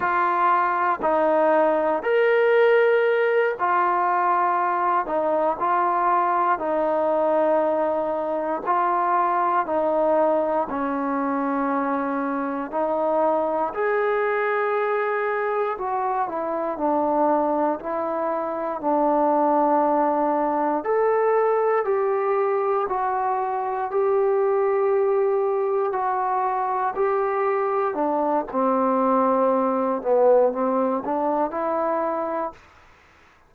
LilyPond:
\new Staff \with { instrumentName = "trombone" } { \time 4/4 \tempo 4 = 59 f'4 dis'4 ais'4. f'8~ | f'4 dis'8 f'4 dis'4.~ | dis'8 f'4 dis'4 cis'4.~ | cis'8 dis'4 gis'2 fis'8 |
e'8 d'4 e'4 d'4.~ | d'8 a'4 g'4 fis'4 g'8~ | g'4. fis'4 g'4 d'8 | c'4. b8 c'8 d'8 e'4 | }